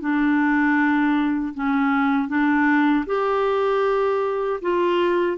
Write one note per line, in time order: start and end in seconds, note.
0.00 1.54 D4
1.54 2.28 C#4
2.28 3.05 D4
3.06 4.60 G4
4.61 5.37 F4